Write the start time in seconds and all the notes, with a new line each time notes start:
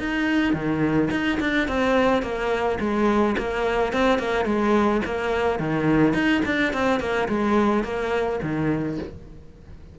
0.00 D#4
0.54 D#3
1.11 D#4
1.40 D4
1.68 C4
2.23 A#3
2.80 G#3
3.38 A#3
3.93 C4
4.19 A#3
4.46 G#3
5.05 A#3
5.59 D#3
6.14 D#4
6.45 D4
6.74 C4
7.00 A#3
7.29 G#3
7.84 A#3
8.43 D#3